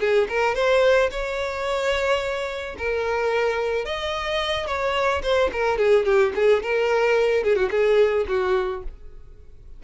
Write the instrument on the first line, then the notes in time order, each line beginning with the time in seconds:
violin
0.00 G#4
0.29 A#4
0.55 C5
1.11 C#5
2.78 A#4
3.85 D#5
4.67 C#5
5.23 C5
5.52 A#4
5.78 G#4
6.05 G4
6.35 G#4
6.63 A#4
7.44 G#4
7.56 F#4
7.71 G#4
8.28 F#4